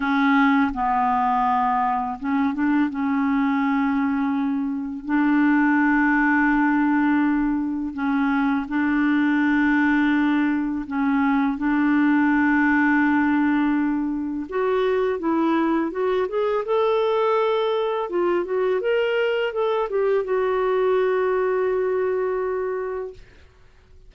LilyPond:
\new Staff \with { instrumentName = "clarinet" } { \time 4/4 \tempo 4 = 83 cis'4 b2 cis'8 d'8 | cis'2. d'4~ | d'2. cis'4 | d'2. cis'4 |
d'1 | fis'4 e'4 fis'8 gis'8 a'4~ | a'4 f'8 fis'8 ais'4 a'8 g'8 | fis'1 | }